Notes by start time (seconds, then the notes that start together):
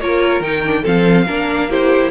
0.00 A#3 F4 A#4 C#5
0.40 D#3 D#4 G5
0.65 D4
0.82 F3 C4 A4 F5
1.27 A#3 D4 A#4
1.70 E4 G4 C5